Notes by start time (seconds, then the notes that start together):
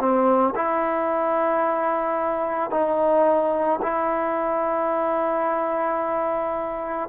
0.00 C4
0.56 E4
2.71 D#4
3.83 E4